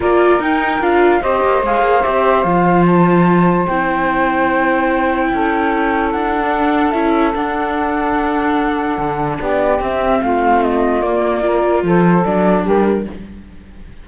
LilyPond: <<
  \new Staff \with { instrumentName = "flute" } { \time 4/4 \tempo 4 = 147 d''4 g''4 f''4 dis''4 | f''4 e''4 f''4 a''4~ | a''4 g''2.~ | g''2. fis''4~ |
fis''4 e''4 fis''2~ | fis''2. d''4 | e''4 f''4 dis''4 d''4~ | d''4 c''4 d''4 ais'4 | }
  \new Staff \with { instrumentName = "saxophone" } { \time 4/4 ais'2. c''4~ | c''1~ | c''1~ | c''4 a'2.~ |
a'1~ | a'2. g'4~ | g'4 f'2. | ais'4 a'2 g'4 | }
  \new Staff \with { instrumentName = "viola" } { \time 4/4 f'4 dis'4 f'4 g'4 | gis'4 g'4 f'2~ | f'4 e'2.~ | e'2.~ e'8. d'16~ |
d'4 e'4 d'2~ | d'1 | c'2. ais4 | f'2 d'2 | }
  \new Staff \with { instrumentName = "cello" } { \time 4/4 ais4 dis'4 d'4 c'8 ais8 | gis8 ais8 c'4 f2~ | f4 c'2.~ | c'4 cis'2 d'4~ |
d'4 cis'4 d'2~ | d'2 d4 b4 | c'4 a2 ais4~ | ais4 f4 fis4 g4 | }
>>